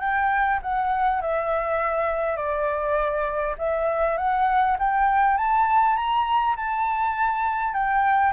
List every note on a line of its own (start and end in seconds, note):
0.00 0.59 G5
0.62 1.21 F#5
1.21 2.37 E5
2.37 3.55 D5
3.58 4.17 E5
4.17 4.77 F#5
4.79 5.37 G5
5.37 5.96 A5
5.96 6.55 A#5
6.56 7.73 A5
7.73 8.32 G5